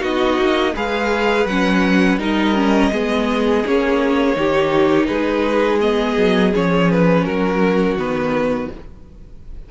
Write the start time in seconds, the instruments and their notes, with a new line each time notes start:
0.00 cello B3, viola D#4, violin F#4 D#5
0.38 cello A#3
0.75 cello G#3, viola G#4, violin B4 F5
1.45 cello F#3, viola C#4, violin F#5
2.18 cello G3, viola D#4, violin A#4 D#5
2.55 viola C#4
2.92 cello G#3, viola B3, violin G#4
3.65 cello A#3, viola C#4, violin C#5
4.36 cello D#3, viola D#4, violin G4
5.06 cello G#3, violin G#4 B4
5.81 viola B3, violin D#5
6.17 cello F#3
6.54 cello F3, viola C#4, violin C#5
6.91 violin B4
7.24 cello F#3, violin F#4 A#4
7.96 cello D#3, viola B3, violin B4